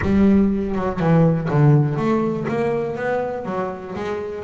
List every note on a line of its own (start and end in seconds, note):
0.01 0.75 G3
0.75 0.99 F#3
0.99 1.48 E3
1.50 1.96 D3
1.96 2.46 A3
2.48 2.96 A#3
2.96 3.45 B3
3.45 3.94 F#3
3.95 4.44 G#3